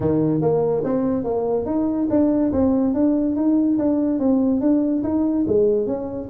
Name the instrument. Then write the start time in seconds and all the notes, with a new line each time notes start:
tuba
0.00 D#3
0.41 A#3
0.84 C4
1.24 A#3
1.65 D#4
2.10 D4
2.52 C4
2.94 D4
3.36 D#4
3.78 D4
4.19 C4
4.61 D4
5.03 D#4
5.47 G#3
5.86 C#4